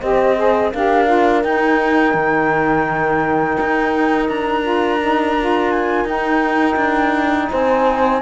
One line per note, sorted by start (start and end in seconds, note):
0.00 0.74 C4
0.00 0.36 G4
0.00 0.72 C5
0.00 0.71 D#5
0.36 0.72 G#4
0.73 1.44 D4
0.73 1.06 G4
0.73 7.51 A#4
0.73 1.43 F5
1.06 1.42 F4
1.43 2.14 D#4
1.43 4.63 D#4
1.43 4.29 G5
2.14 3.57 D#3
3.61 4.29 D#4
4.29 6.05 D4
4.29 5.71 A#5
4.63 4.99 F4
5.01 5.37 D#4
5.39 6.07 F4
5.71 6.07 G#5
6.05 6.76 D#4
6.05 8.21 D#4
6.05 7.51 G5
6.77 7.48 D4
7.51 8.22 C4
7.51 8.22 C5
7.51 8.22 G#5